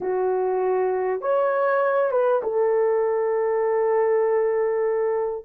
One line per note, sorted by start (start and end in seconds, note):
0.00 1.21 F#4
1.21 2.11 C#5
2.11 2.41 B4
2.42 5.45 A4